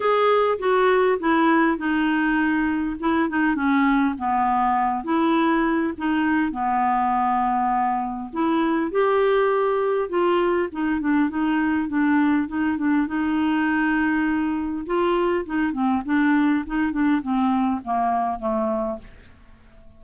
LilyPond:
\new Staff \with { instrumentName = "clarinet" } { \time 4/4 \tempo 4 = 101 gis'4 fis'4 e'4 dis'4~ | dis'4 e'8 dis'8 cis'4 b4~ | b8 e'4. dis'4 b4~ | b2 e'4 g'4~ |
g'4 f'4 dis'8 d'8 dis'4 | d'4 dis'8 d'8 dis'2~ | dis'4 f'4 dis'8 c'8 d'4 | dis'8 d'8 c'4 ais4 a4 | }